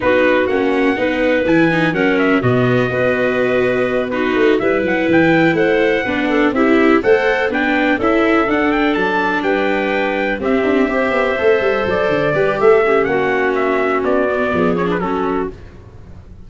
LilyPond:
<<
  \new Staff \with { instrumentName = "trumpet" } { \time 4/4 \tempo 4 = 124 b'4 fis''2 gis''4 | fis''8 e''8 dis''2.~ | dis''8 b'4 e''8 fis''8 g''4 fis''8~ | fis''4. e''4 fis''4 g''8~ |
g''8 e''4 fis''8 g''8 a''4 g''8~ | g''4. e''2~ e''8~ | e''8 d''4. e''4 fis''4 | e''4 d''4. cis''16 b'16 a'4 | }
  \new Staff \with { instrumentName = "clarinet" } { \time 4/4 fis'2 b'2 | ais'4 fis'4 b'2~ | b'8 fis'4 b'2 c''8~ | c''8 b'8 a'8 g'4 c''4 b'8~ |
b'8 a'2. b'8~ | b'4. g'4 c''4.~ | c''4. b'8 a'8 g'8 fis'4~ | fis'2 gis'4 fis'4 | }
  \new Staff \with { instrumentName = "viola" } { \time 4/4 dis'4 cis'4 dis'4 e'8 dis'8 | cis'4 b4 fis'2~ | fis'8 dis'4 e'2~ e'8~ | e'8 d'4 e'4 a'4 d'8~ |
d'8 e'4 d'2~ d'8~ | d'4. c'4 g'4 a'8~ | a'4. g'4 cis'4.~ | cis'4. b4 cis'16 d'16 cis'4 | }
  \new Staff \with { instrumentName = "tuba" } { \time 4/4 b4 ais4 b4 e4 | fis4 b,4 b2~ | b4 a8 g8 fis8 e4 a8~ | a8 b4 c'4 a4 b8~ |
b8 cis'4 d'4 fis4 g8~ | g4. c'8 d'8 c'8 b8 a8 | g8 fis8 d8 g8 a4 ais4~ | ais4 b4 f4 fis4 | }
>>